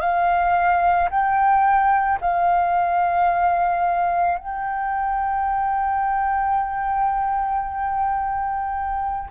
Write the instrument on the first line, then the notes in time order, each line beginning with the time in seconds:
flute
0.00 F5
1.10 G5
2.21 F5
4.38 G5